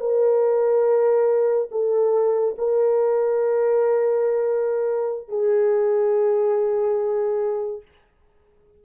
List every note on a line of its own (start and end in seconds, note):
0.00 1.69 A#4
1.71 2.55 A4
2.58 5.28 A#4
5.28 7.82 G#4